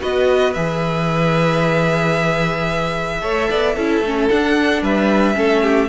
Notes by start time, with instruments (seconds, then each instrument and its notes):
0.00 cello B3, viola F#4, violin B4 D#5
0.53 cello E3, viola G#4, violin E5
3.21 cello A3, viola A4, violin C#5
3.50 cello B3, violin D5
3.75 cello C#4, viola E4, violin A4
4.01 cello A3, viola C#4
4.29 viola D4, cello D4, violin F#5
4.81 cello G3, violin B4 E5
5.33 cello A3, viola C#4, violin A4
5.62 violin G4